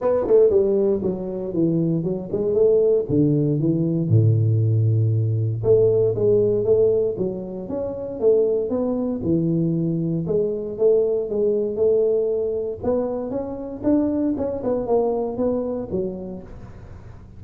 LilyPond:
\new Staff \with { instrumentName = "tuba" } { \time 4/4 \tempo 4 = 117 b8 a8 g4 fis4 e4 | fis8 gis8 a4 d4 e4 | a,2. a4 | gis4 a4 fis4 cis'4 |
a4 b4 e2 | gis4 a4 gis4 a4~ | a4 b4 cis'4 d'4 | cis'8 b8 ais4 b4 fis4 | }